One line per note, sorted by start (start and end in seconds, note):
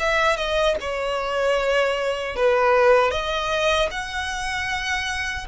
0.00 0.37 E5
0.37 0.76 D#5
0.81 2.36 C#5
2.36 3.11 B4
3.11 3.89 D#5
3.91 5.47 F#5